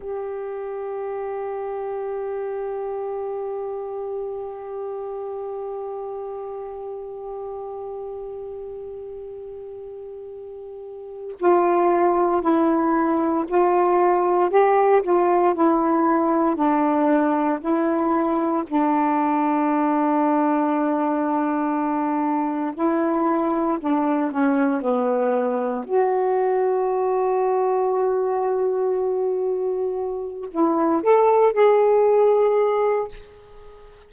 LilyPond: \new Staff \with { instrumentName = "saxophone" } { \time 4/4 \tempo 4 = 58 g'1~ | g'1~ | g'2. f'4 | e'4 f'4 g'8 f'8 e'4 |
d'4 e'4 d'2~ | d'2 e'4 d'8 cis'8 | b4 fis'2.~ | fis'4. e'8 a'8 gis'4. | }